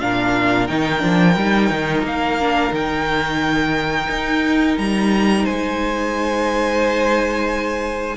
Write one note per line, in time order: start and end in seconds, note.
0.00 0.70 A#2
0.00 0.69 D4
0.00 5.44 A#4
0.00 0.68 F5
0.68 1.03 D#3
0.68 0.99 D#4
0.68 2.04 G5
0.99 1.37 F3
0.99 1.34 D4
1.37 1.71 G3
1.37 2.41 D#4
1.71 2.03 D#3
2.03 2.72 A#3
2.03 2.75 F5
2.41 2.73 D4
2.72 4.09 D#3
2.72 8.17 D#4
2.72 4.79 G5
4.09 4.78 D#4
4.78 5.46 G3
4.78 5.46 A#5
5.44 8.17 G#3
5.44 8.17 C5
5.44 8.17 G#5